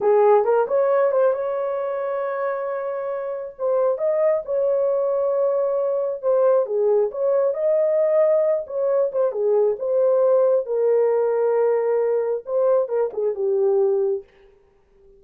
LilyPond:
\new Staff \with { instrumentName = "horn" } { \time 4/4 \tempo 4 = 135 gis'4 ais'8 cis''4 c''8 cis''4~ | cis''1 | c''4 dis''4 cis''2~ | cis''2 c''4 gis'4 |
cis''4 dis''2~ dis''8 cis''8~ | cis''8 c''8 gis'4 c''2 | ais'1 | c''4 ais'8 gis'8 g'2 | }